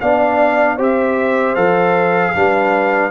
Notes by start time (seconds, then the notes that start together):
0.00 B3 D4 D5 F5
0.76 C4 G4 C5
0.82 E5
1.55 F3 A4 F5
2.34 G3 D4 B4